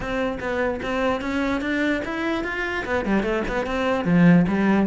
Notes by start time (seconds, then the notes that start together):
0.00 C4
0.39 B3
0.82 C4
1.21 C#4
1.61 D4
2.05 E4
2.44 F4
2.85 B3
3.05 G3
3.22 A3
3.48 B3
3.66 C4
4.04 F3
4.47 G3